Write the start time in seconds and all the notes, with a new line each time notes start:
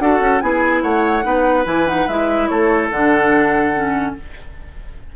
0.00 D4 F#4 A4 F#5
0.20 C#4
0.41 B3 E4 G#4 G#5
0.82 A3 C#5 F#5
1.23 B3 D#4 B4
1.64 E3 E4 G#5
1.87 D#4 F#5
2.08 G#3 E4 E5
2.48 A3 A4 C#5
2.91 D3 D4 F#5
3.74 C#4